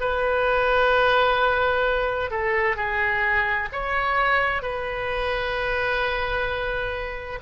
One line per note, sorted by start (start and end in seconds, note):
0.00 2.30 B4
2.30 2.76 A4
2.76 3.68 G#4
3.72 4.62 C#5
4.62 7.39 B4